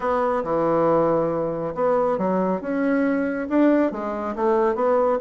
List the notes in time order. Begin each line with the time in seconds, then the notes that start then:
0.00 B3
0.43 E3
1.75 B3
2.18 F#3
2.61 C#4
3.49 D4
3.91 G#3
4.35 A3
4.75 B3